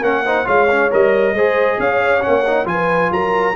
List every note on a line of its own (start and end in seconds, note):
0.00 0.45 A#3
0.00 0.25 C#4
0.00 0.22 A#4
0.00 0.46 F#5
0.25 0.45 D#4
0.25 0.46 C5
0.45 0.91 G#3
0.45 0.67 F4
0.45 1.34 C#5
0.45 0.90 F5
0.70 0.90 C#4
0.90 1.33 G3
0.90 1.34 A#4
0.90 1.80 D#5
1.33 1.77 G#3
1.33 2.21 G#4
1.33 1.79 C5
1.79 2.23 C#4
1.79 2.68 C#5
1.79 2.22 F5
2.21 2.43 C#4
2.21 2.66 F#5
2.27 2.65 A#3
2.47 2.65 D#4
2.65 3.09 F3
2.65 3.54 F4
2.65 3.12 B4
2.65 3.11 G#5
3.11 3.55 F#3
3.11 3.56 A#4
3.11 3.56 A#5